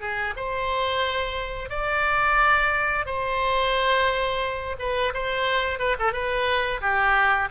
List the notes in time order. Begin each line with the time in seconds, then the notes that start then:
0.00 G#4
0.36 C5
1.69 D5
3.06 C5
4.79 B4
5.14 C5
5.79 B4
5.99 A4
6.12 B4
6.81 G4